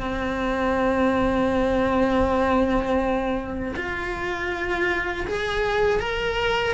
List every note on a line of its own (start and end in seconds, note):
0.00 3.75 C4
3.76 5.26 F4
5.27 6.00 G#4
6.00 6.74 A#4